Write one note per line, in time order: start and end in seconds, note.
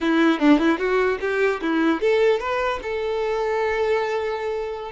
0.00 0.39 E4
0.39 0.58 D4
0.58 0.78 E4
0.78 1.18 F#4
1.20 1.60 G4
1.61 2.01 E4
2.01 2.39 A4
2.39 2.79 B4
2.82 4.91 A4